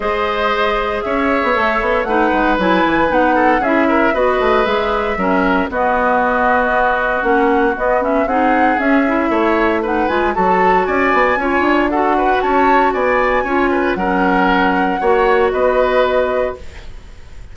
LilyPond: <<
  \new Staff \with { instrumentName = "flute" } { \time 4/4 \tempo 4 = 116 dis''2 e''2 | fis''4 gis''4 fis''4 e''4 | dis''4 e''2 dis''4~ | dis''2 fis''4 dis''8 e''8 |
fis''4 e''2 fis''8 gis''8 | a''4 gis''2 fis''4 | a''4 gis''2 fis''4~ | fis''2 dis''2 | }
  \new Staff \with { instrumentName = "oboe" } { \time 4/4 c''2 cis''2 | b'2~ b'8 a'8 gis'8 ais'8 | b'2 ais'4 fis'4~ | fis'1 |
gis'2 cis''4 b'4 | a'4 d''4 cis''4 a'8 b'8 | cis''4 d''4 cis''8 b'8 ais'4~ | ais'4 cis''4 b'2 | }
  \new Staff \with { instrumentName = "clarinet" } { \time 4/4 gis'2. a'4 | dis'4 e'4 dis'4 e'4 | fis'4 gis'4 cis'4 b4~ | b2 cis'4 b8 cis'8 |
dis'4 cis'8 e'4. dis'8 f'8 | fis'2 f'4 fis'4~ | fis'2 f'4 cis'4~ | cis'4 fis'2. | }
  \new Staff \with { instrumentName = "bassoon" } { \time 4/4 gis2 cis'8. b16 a8 b8 | a8 gis8 fis8 e8 b4 cis'4 | b8 a8 gis4 fis4 b4~ | b2 ais4 b4 |
c'4 cis'4 a4. gis8 | fis4 cis'8 b8 cis'8 d'4. | cis'4 b4 cis'4 fis4~ | fis4 ais4 b2 | }
>>